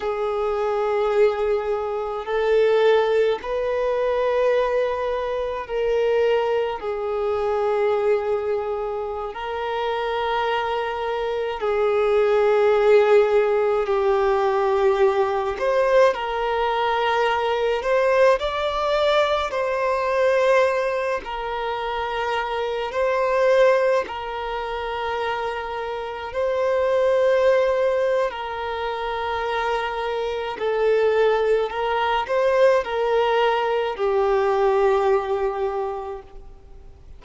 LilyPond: \new Staff \with { instrumentName = "violin" } { \time 4/4 \tempo 4 = 53 gis'2 a'4 b'4~ | b'4 ais'4 gis'2~ | gis'16 ais'2 gis'4.~ gis'16~ | gis'16 g'4. c''8 ais'4. c''16~ |
c''16 d''4 c''4. ais'4~ ais'16~ | ais'16 c''4 ais'2 c''8.~ | c''4 ais'2 a'4 | ais'8 c''8 ais'4 g'2 | }